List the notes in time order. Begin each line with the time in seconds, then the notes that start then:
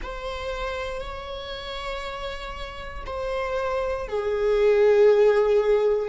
0.02 C5
1.00 C#5
3.06 C5
4.07 G#4